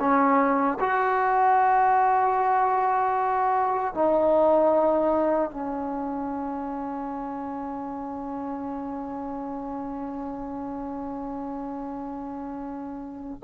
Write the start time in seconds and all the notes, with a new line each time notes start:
0.00 C#4
0.80 F#4
3.94 D#4
5.51 C#4